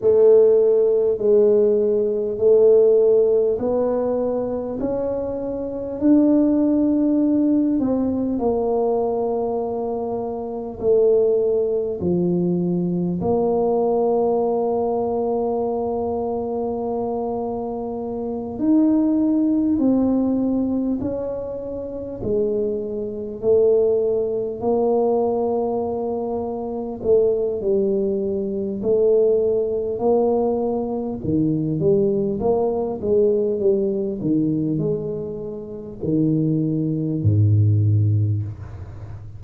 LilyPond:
\new Staff \with { instrumentName = "tuba" } { \time 4/4 \tempo 4 = 50 a4 gis4 a4 b4 | cis'4 d'4. c'8 ais4~ | ais4 a4 f4 ais4~ | ais2.~ ais8 dis'8~ |
dis'8 c'4 cis'4 gis4 a8~ | a8 ais2 a8 g4 | a4 ais4 dis8 g8 ais8 gis8 | g8 dis8 gis4 dis4 gis,4 | }